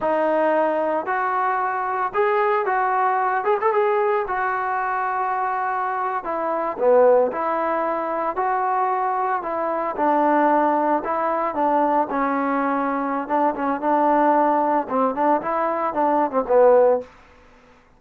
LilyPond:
\new Staff \with { instrumentName = "trombone" } { \time 4/4 \tempo 4 = 113 dis'2 fis'2 | gis'4 fis'4. gis'16 a'16 gis'4 | fis'2.~ fis'8. e'16~ | e'8. b4 e'2 fis'16~ |
fis'4.~ fis'16 e'4 d'4~ d'16~ | d'8. e'4 d'4 cis'4~ cis'16~ | cis'4 d'8 cis'8 d'2 | c'8 d'8 e'4 d'8. c'16 b4 | }